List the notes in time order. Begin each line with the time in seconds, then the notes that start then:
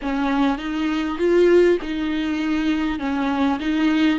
0.01 C#4
0.58 D#4
1.18 F4
1.82 D#4
2.99 C#4
3.59 D#4